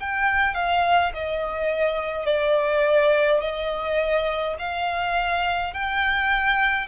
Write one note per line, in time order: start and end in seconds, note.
0.00 0.55 G5
0.55 1.12 F5
1.14 2.26 D#5
2.26 3.41 D5
3.41 4.56 D#5
4.59 5.74 F5
5.74 6.88 G5